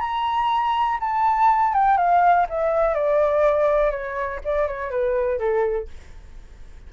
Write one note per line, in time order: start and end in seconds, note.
0.00 0.98 A#5
1.00 1.73 A5
1.73 1.97 G5
1.97 2.47 F5
2.49 2.94 E5
2.94 3.91 D5
3.91 4.40 C#5
4.45 4.67 D5
4.67 4.90 C#5
4.90 5.39 B4
5.39 5.88 A4